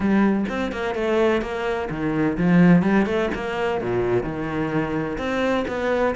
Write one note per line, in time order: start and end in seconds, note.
0.00 0.45 G3
0.48 0.72 C4
0.72 0.94 A#3
0.94 1.41 A3
1.41 1.88 A#3
1.90 2.37 D#3
2.37 2.82 F3
2.82 3.05 G3
3.05 3.29 A3
3.34 3.81 A#3
3.81 4.23 A#2
4.23 5.17 D#3
5.18 5.65 C4
5.67 6.14 B3